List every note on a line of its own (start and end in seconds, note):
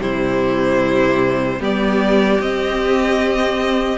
0.00 1.59 C3
0.00 1.59 G3
0.00 1.60 E4
0.00 1.61 C5
1.59 2.39 G3
1.59 2.39 B3
1.59 3.98 G4
1.59 2.41 D5
2.40 3.98 C4
2.40 3.98 D#5